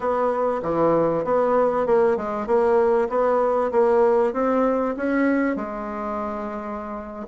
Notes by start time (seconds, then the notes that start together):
0.00 B3
0.62 E3
1.24 B3
1.86 A#3
2.16 G#3
2.46 A#3
3.09 B3
3.71 A#3
4.33 C4
4.96 C#4
5.55 G#3